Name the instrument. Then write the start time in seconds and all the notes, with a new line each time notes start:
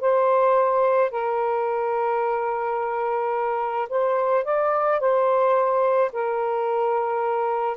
saxophone
0.00 C5
1.10 A#4
3.89 C5
4.44 D5
5.00 C5
6.12 A#4